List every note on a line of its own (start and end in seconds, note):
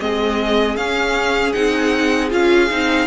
0.00 0.76 G#3
0.00 0.77 C4
0.00 3.07 G#4
0.00 0.76 D#5
0.76 1.53 C#4
0.76 1.54 C#4
0.76 1.52 F5
1.52 2.32 C4
1.52 2.30 D#4
1.52 2.29 F#5
2.30 2.71 C#4
2.30 2.68 F4
2.30 3.07 F5
2.70 3.07 C4
2.70 3.07 D#4